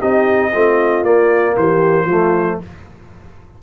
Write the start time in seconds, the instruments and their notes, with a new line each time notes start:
0.00 tuba C4, trombone D#4, horn G4, trumpet D#5
0.52 tuba A3, trombone C4, horn F4
1.03 tuba A#3, trombone A#3, trumpet D5
1.57 tuba E3, horn G4, trumpet C5
2.06 tuba F3, trombone A3, horn F4